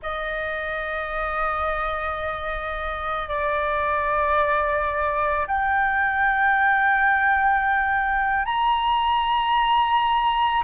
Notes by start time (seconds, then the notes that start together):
0.02 D#5
3.28 D5
5.47 G5
8.45 A#5